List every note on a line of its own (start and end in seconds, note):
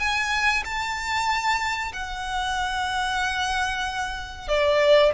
0.00 0.64 G#5
0.65 1.93 A5
1.93 4.49 F#5
4.49 5.12 D5